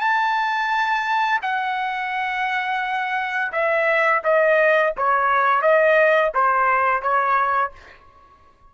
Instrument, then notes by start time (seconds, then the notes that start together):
trumpet
0.00 A5
1.42 F#5
3.52 E5
4.24 D#5
4.97 C#5
5.62 D#5
6.34 C5
7.02 C#5